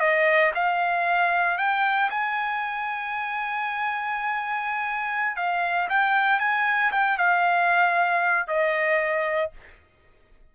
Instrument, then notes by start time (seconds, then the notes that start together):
trumpet
0.00 D#5
0.55 F5
1.58 G5
2.11 G#5
5.36 F5
5.90 G5
6.40 G#5
6.92 G5
7.18 F5
8.48 D#5